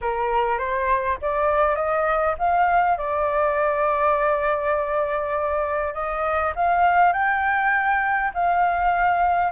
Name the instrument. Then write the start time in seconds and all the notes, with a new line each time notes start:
flute
0.01 A#4
0.58 C5
1.21 D5
1.75 D#5
2.38 F5
2.97 D5
5.94 D#5
6.55 F5
7.12 G5
8.34 F5